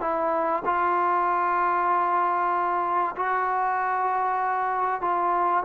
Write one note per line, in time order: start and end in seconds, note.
0.00 0.62 E4
0.65 3.15 F4
3.16 5.01 F#4
5.01 5.63 F4